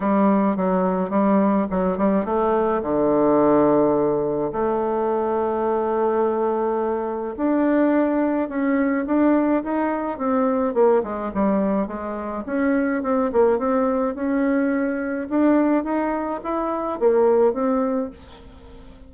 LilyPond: \new Staff \with { instrumentName = "bassoon" } { \time 4/4 \tempo 4 = 106 g4 fis4 g4 fis8 g8 | a4 d2. | a1~ | a4 d'2 cis'4 |
d'4 dis'4 c'4 ais8 gis8 | g4 gis4 cis'4 c'8 ais8 | c'4 cis'2 d'4 | dis'4 e'4 ais4 c'4 | }